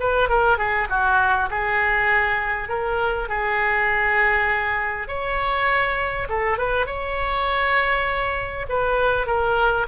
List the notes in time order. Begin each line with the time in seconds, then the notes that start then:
0.00 B4
0.29 A#4
0.58 G#4
0.89 F#4
1.51 G#4
2.69 A#4
3.29 G#4
5.08 C#5
6.29 A4
6.58 B4
6.86 C#5
8.69 B4
9.27 A#4